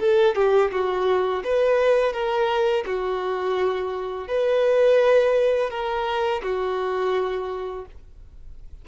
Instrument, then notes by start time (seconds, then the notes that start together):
violin
0.00 A4
0.36 G4
0.72 F#4
1.44 B4
2.13 A#4
2.86 F#4
4.28 B4
5.70 A#4
6.43 F#4